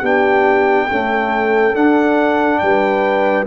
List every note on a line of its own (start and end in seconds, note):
0.00 0.88 B3
0.00 0.89 D4
0.00 0.86 G4
0.00 1.76 G5
0.89 1.74 A3
0.89 1.76 C#4
0.89 2.61 A4
1.74 3.46 D4
1.74 2.61 D4
1.74 2.59 F#5
2.59 3.47 G3
2.59 3.47 B4
2.59 3.44 G5